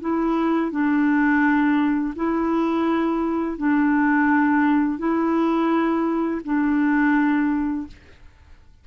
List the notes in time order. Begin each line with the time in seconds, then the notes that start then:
0.00 E4
0.71 D4
2.15 E4
3.57 D4
4.98 E4
6.44 D4